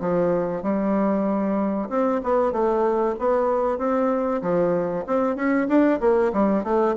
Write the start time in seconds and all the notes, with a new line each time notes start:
0.00 F3
0.63 G3
1.89 C4
2.23 B3
2.52 A3
3.19 B3
3.78 C4
4.42 F3
5.07 C4
5.35 C#4
5.68 D4
6.00 A#3
6.33 G3
6.63 A3